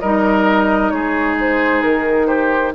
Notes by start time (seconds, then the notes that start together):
0.00 G3 D#4 A#4 D#5
0.90 G#3 G#4 C#5
1.40 C5
1.82 D#3 A#4
2.27 G4 C5